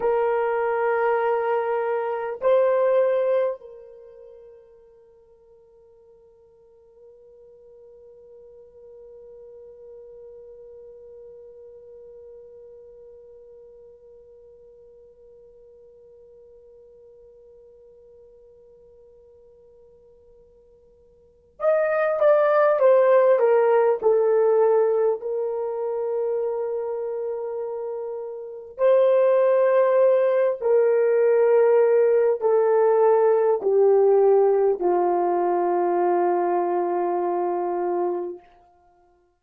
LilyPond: \new Staff \with { instrumentName = "horn" } { \time 4/4 \tempo 4 = 50 ais'2 c''4 ais'4~ | ais'1~ | ais'1~ | ais'1~ |
ais'2 dis''8 d''8 c''8 ais'8 | a'4 ais'2. | c''4. ais'4. a'4 | g'4 f'2. | }